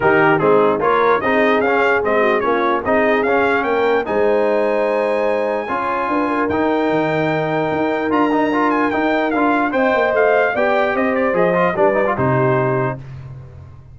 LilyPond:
<<
  \new Staff \with { instrumentName = "trumpet" } { \time 4/4 \tempo 4 = 148 ais'4 gis'4 cis''4 dis''4 | f''4 dis''4 cis''4 dis''4 | f''4 g''4 gis''2~ | gis''1 |
g''1 | ais''4. gis''8 g''4 f''4 | g''4 f''4 g''4 dis''8 d''8 | dis''4 d''4 c''2 | }
  \new Staff \with { instrumentName = "horn" } { \time 4/4 g'4 dis'4 ais'4 gis'4~ | gis'4. fis'8 f'4 gis'4~ | gis'4 ais'4 c''2~ | c''2 cis''4 b'8 ais'8~ |
ais'1~ | ais'1 | dis''2 d''4 c''4~ | c''4 b'4 g'2 | }
  \new Staff \with { instrumentName = "trombone" } { \time 4/4 dis'4 c'4 f'4 dis'4 | cis'4 c'4 cis'4 dis'4 | cis'2 dis'2~ | dis'2 f'2 |
dis'1 | f'8 dis'8 f'4 dis'4 f'4 | c''2 g'2 | gis'8 f'8 d'8 dis'16 f'16 dis'2 | }
  \new Staff \with { instrumentName = "tuba" } { \time 4/4 dis4 gis4 ais4 c'4 | cis'4 gis4 ais4 c'4 | cis'4 ais4 gis2~ | gis2 cis'4 d'4 |
dis'4 dis2 dis'4 | d'2 dis'4 d'4 | c'8 ais8 a4 b4 c'4 | f4 g4 c2 | }
>>